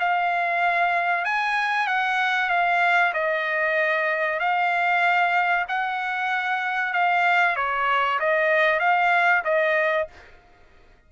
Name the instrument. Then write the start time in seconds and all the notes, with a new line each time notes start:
trumpet
0.00 F5
1.25 G#5
1.87 F#5
2.50 F5
3.14 D#5
4.40 F5
5.68 F#5
6.93 F5
7.56 C#5
8.20 D#5
8.80 F5
9.44 D#5